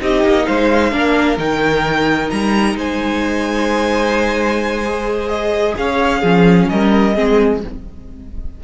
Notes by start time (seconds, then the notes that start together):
0.00 C4 D#4 G4 D#5
0.24 A#3
0.46 G#3 C5 F5
0.92 A#3 D4 A#4
1.38 D#3 D#4 G5
2.30 G3 A#5
2.74 G#3 C5 G#5
4.85 G#4
5.28 D#5
5.77 C#4 C#5 F5
6.20 F3 C#4 G#4
6.69 G3 A#4 D#5
7.15 G#3 C4 G#4